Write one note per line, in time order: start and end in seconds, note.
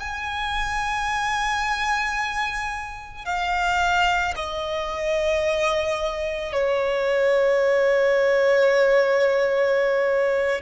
0.00 3.25 G#5
3.25 4.34 F5
4.35 6.53 D#5
6.53 10.62 C#5